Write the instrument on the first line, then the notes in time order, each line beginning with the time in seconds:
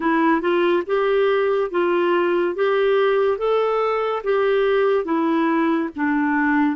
clarinet
0.00 E4
0.41 F4
0.86 G4
1.70 F4
2.55 G4
3.38 A4
4.23 G4
5.04 E4
5.95 D4